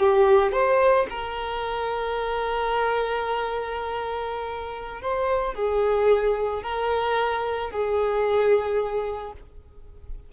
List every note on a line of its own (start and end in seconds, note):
0.00 0.53 G4
0.53 1.07 C5
1.10 5.02 A#4
5.02 5.55 C5
5.55 6.63 G#4
6.63 7.71 A#4
7.71 9.33 G#4